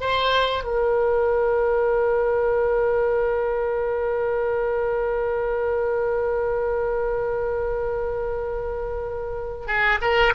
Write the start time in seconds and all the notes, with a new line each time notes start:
0.00 C5
0.64 A#4
9.67 G#4
10.01 A#4